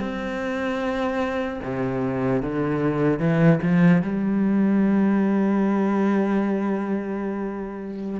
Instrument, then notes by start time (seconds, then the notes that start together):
cello
0.00 C4
1.64 C3
2.42 D3
3.19 E3
3.62 F3
4.02 G3